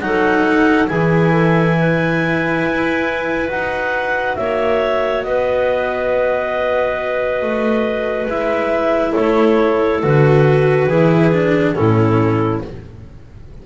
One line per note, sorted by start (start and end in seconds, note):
0.00 0.88 F#3
0.00 0.87 D#4
0.00 0.89 A4
0.00 0.87 F#5
0.87 2.64 E3
0.87 3.48 E4
0.87 1.31 G#4
0.87 3.48 G#5
1.31 1.74 A4
1.78 4.38 B4
2.65 3.50 E4
3.48 4.37 D#4
3.48 8.26 F#4
3.48 4.35 F#5
4.35 5.24 A#3
4.35 5.25 C#5
4.35 5.22 E5
5.22 7.41 B3
5.22 9.13 B4
5.22 8.27 D#5
7.41 8.26 A3
8.26 9.13 G#3
8.26 10.02 E4
8.26 9.13 E5
9.13 10.03 A3
9.13 10.87 A4
9.13 10.00 C#5
10.02 10.87 D3
10.02 10.89 F#4
10.02 11.74 B4
10.87 11.74 E3
10.87 11.32 E4
10.87 11.74 G#4
11.32 11.75 D4
11.74 12.65 A2
11.74 12.62 C#4
11.74 12.63 E4
11.74 12.61 A4